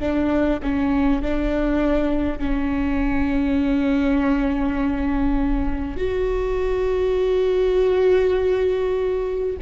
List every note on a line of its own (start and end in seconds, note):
0.00 0.60 D4
0.63 1.22 C#4
1.22 2.39 D4
2.39 5.97 C#4
5.97 9.57 F#4